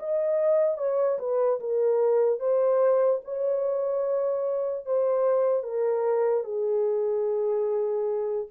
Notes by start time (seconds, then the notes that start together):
0.00 D#5
0.78 C#5
1.19 B4
1.61 A#4
2.40 C5
3.25 C#5
4.86 C5
5.64 A#4
6.45 G#4